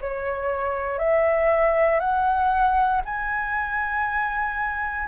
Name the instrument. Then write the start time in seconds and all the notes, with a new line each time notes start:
flute
0.00 C#5
0.98 E5
1.99 F#5
3.05 G#5